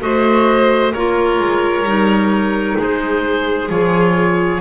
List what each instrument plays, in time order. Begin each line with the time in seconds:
0.00 double bass A3, clarinet F#4, violin C5, oboe D#5
0.93 double bass A#3, clarinet F4, violin A#4, oboe C#5
1.39 double bass G#3
1.83 double bass G3, clarinet D#4
2.78 double bass G#3, violin G#4, oboe C5
3.69 double bass F3, clarinet F4, oboe C#5